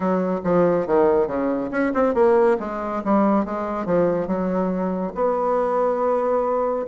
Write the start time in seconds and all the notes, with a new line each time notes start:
0.00 F#3
0.44 F3
0.86 D#3
1.27 C#3
1.70 C#4
1.93 C4
2.14 A#3
2.59 G#3
3.04 G3
3.45 G#3
3.85 F3
4.27 F#3
5.14 B3